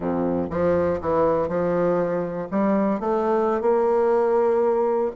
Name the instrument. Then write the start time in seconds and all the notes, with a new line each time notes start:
bassoon
0.00 F2
0.50 F3
1.00 E3
1.48 F3
2.50 G3
3.00 A3
3.61 A#3